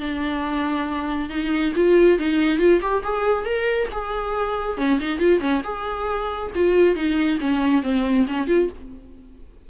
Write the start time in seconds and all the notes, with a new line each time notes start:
0.00 D4
1.30 D#4
1.75 F4
2.19 D#4
2.59 F4
2.82 G4
3.04 G#4
3.45 A#4
3.92 G#4
4.78 C#4
5.00 D#4
5.19 F4
5.40 C#4
5.64 G#4
6.55 F4
6.95 D#4
7.41 C#4
7.83 C4
8.28 C#4
8.48 F4